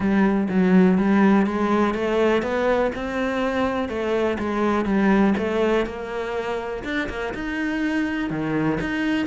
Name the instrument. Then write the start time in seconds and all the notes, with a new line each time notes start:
cello
0.00 G3
0.49 F#3
0.98 G3
1.46 G#3
1.94 A3
2.42 B3
2.95 C4
3.88 A3
4.38 G#3
4.85 G3
5.37 A3
5.85 A#3
6.84 D4
7.09 A#3
7.34 D#4
8.29 D#3
8.80 D#4